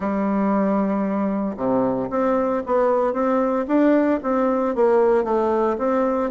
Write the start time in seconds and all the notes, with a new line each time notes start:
0.00 G3
1.56 C3
2.10 C4
2.66 B3
3.13 C4
3.67 D4
4.22 C4
4.75 A#3
5.24 A3
5.78 C4